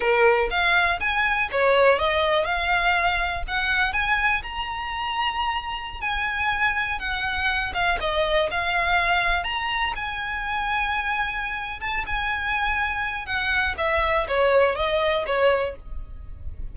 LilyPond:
\new Staff \with { instrumentName = "violin" } { \time 4/4 \tempo 4 = 122 ais'4 f''4 gis''4 cis''4 | dis''4 f''2 fis''4 | gis''4 ais''2.~ | ais''16 gis''2 fis''4. f''16~ |
f''16 dis''4 f''2 ais''8.~ | ais''16 gis''2.~ gis''8. | a''8 gis''2~ gis''8 fis''4 | e''4 cis''4 dis''4 cis''4 | }